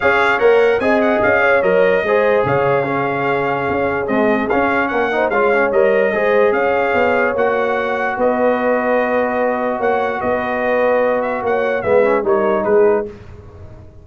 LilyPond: <<
  \new Staff \with { instrumentName = "trumpet" } { \time 4/4 \tempo 4 = 147 f''4 fis''4 gis''8 fis''8 f''4 | dis''2 f''2~ | f''2 dis''4 f''4 | fis''4 f''4 dis''2 |
f''2 fis''2 | dis''1 | fis''4 dis''2~ dis''8 e''8 | fis''4 e''4 cis''4 b'4 | }
  \new Staff \with { instrumentName = "horn" } { \time 4/4 cis''2 dis''4. cis''8~ | cis''4 c''4 cis''4 gis'4~ | gis'1 | ais'8 c''8 cis''2 c''4 |
cis''1 | b'1 | cis''4 b'2. | cis''4 b'4 ais'4 gis'4 | }
  \new Staff \with { instrumentName = "trombone" } { \time 4/4 gis'4 ais'4 gis'2 | ais'4 gis'2 cis'4~ | cis'2 gis4 cis'4~ | cis'8 dis'8 f'8 cis'8 ais'4 gis'4~ |
gis'2 fis'2~ | fis'1~ | fis'1~ | fis'4 b8 cis'8 dis'2 | }
  \new Staff \with { instrumentName = "tuba" } { \time 4/4 cis'4 ais4 c'4 cis'4 | fis4 gis4 cis2~ | cis4 cis'4 c'4 cis'4 | ais4 gis4 g4 gis4 |
cis'4 b4 ais2 | b1 | ais4 b2. | ais4 gis4 g4 gis4 | }
>>